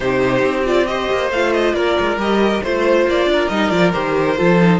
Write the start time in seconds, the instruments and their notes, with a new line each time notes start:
0.00 cello C3, viola D#4, violin G4 C5
0.42 cello C4
0.65 viola F4, violin D5
0.86 viola G4, violin C5 D#5
1.11 cello A#3
1.30 cello A3, viola F4, violin F5
1.53 violin D#5
1.73 cello A#3, violin A#4 D5
2.00 cello G#3
2.17 cello G3, viola G4, violin D#5
2.62 cello A3, viola F4, violin C5
3.06 cello A#3, violin D5
3.25 cello D4
3.32 violin A#4
3.48 cello G3, viola D#4, violin D#5
3.69 cello F3, viola F4, violin D5
3.92 cello D#3, viola G4, violin C5
4.35 cello F3, viola F4, violin A4
4.60 viola D#4